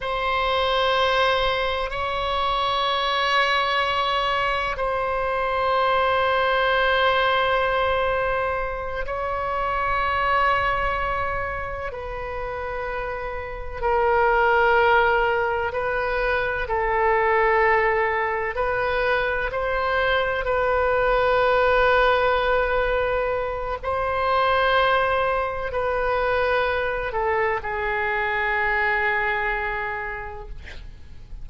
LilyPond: \new Staff \with { instrumentName = "oboe" } { \time 4/4 \tempo 4 = 63 c''2 cis''2~ | cis''4 c''2.~ | c''4. cis''2~ cis''8~ | cis''8 b'2 ais'4.~ |
ais'8 b'4 a'2 b'8~ | b'8 c''4 b'2~ b'8~ | b'4 c''2 b'4~ | b'8 a'8 gis'2. | }